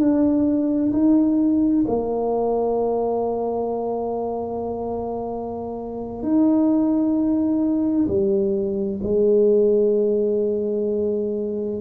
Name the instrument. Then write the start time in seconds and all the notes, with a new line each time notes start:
tuba
0.00 D4
0.93 D#4
1.88 A#3
6.23 D#4
8.08 G3
9.04 G#3